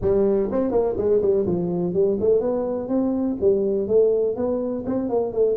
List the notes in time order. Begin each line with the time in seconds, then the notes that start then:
0.01 G3
0.51 C4
0.71 A#3
0.97 G#3
1.21 G3
1.46 F3
1.93 G3
2.20 A3
2.40 B3
2.88 C4
3.40 G3
3.87 A3
4.36 B3
4.85 C4
5.09 A#3
5.32 A3